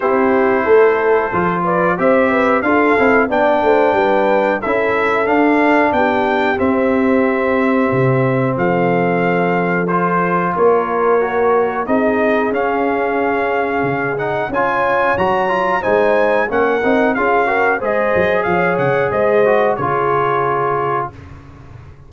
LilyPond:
<<
  \new Staff \with { instrumentName = "trumpet" } { \time 4/4 \tempo 4 = 91 c''2~ c''8 d''8 e''4 | f''4 g''2 e''4 | f''4 g''4 e''2~ | e''4 f''2 c''4 |
cis''2 dis''4 f''4~ | f''4. fis''8 gis''4 ais''4 | gis''4 fis''4 f''4 dis''4 | f''8 fis''8 dis''4 cis''2 | }
  \new Staff \with { instrumentName = "horn" } { \time 4/4 g'4 a'4. b'8 c''8 b'8 | a'4 d''8 c''8 b'4 a'4~ | a'4 g'2.~ | g'4 a'2. |
ais'2 gis'2~ | gis'2 cis''2 | c''4 ais'4 gis'8 ais'8 c''4 | cis''4 c''4 gis'2 | }
  \new Staff \with { instrumentName = "trombone" } { \time 4/4 e'2 f'4 g'4 | f'8 e'8 d'2 e'4 | d'2 c'2~ | c'2. f'4~ |
f'4 fis'4 dis'4 cis'4~ | cis'4. dis'8 f'4 fis'8 f'8 | dis'4 cis'8 dis'8 f'8 fis'8 gis'4~ | gis'4. fis'8 f'2 | }
  \new Staff \with { instrumentName = "tuba" } { \time 4/4 c'4 a4 f4 c'4 | d'8 c'8 b8 a8 g4 cis'4 | d'4 b4 c'2 | c4 f2. |
ais2 c'4 cis'4~ | cis'4 cis4 cis'4 fis4 | gis4 ais8 c'8 cis'4 gis8 fis8 | f8 cis8 gis4 cis2 | }
>>